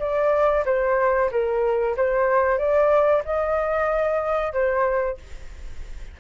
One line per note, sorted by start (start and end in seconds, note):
0.00 0.65 D5
0.66 1.30 C5
1.32 1.96 A#4
1.97 2.58 C5
2.58 3.23 D5
3.25 4.53 D#5
4.53 5.18 C5